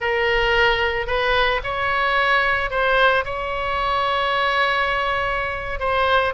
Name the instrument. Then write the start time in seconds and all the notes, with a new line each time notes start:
oboe
0.00 A#4
1.07 B4
1.63 C#5
2.70 C5
3.24 C#5
5.79 C5